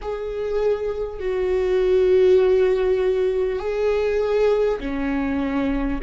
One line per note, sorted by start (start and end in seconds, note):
0.01 1.19 G#4
1.19 3.59 F#4
3.59 4.79 G#4
4.79 5.99 C#4